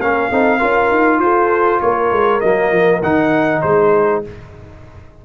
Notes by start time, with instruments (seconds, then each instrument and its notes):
0.00 tuba A#3, trombone C#4, horn A#4, trumpet F5
0.30 tuba C4, trombone D#4, horn A4
0.58 tuba C#4, trombone F4, horn A#4
0.91 tuba D#4
1.20 tuba F4, horn A4, trumpet C5
1.81 tuba A#3, horn A#4, trumpet C#5
2.11 tuba G#3
2.41 tuba F#3, trombone A#3, trumpet D#5
2.71 tuba F3
3.03 tuba D#3, trombone D#4, trumpet F#5
3.62 tuba G#3, horn G#4, trumpet C5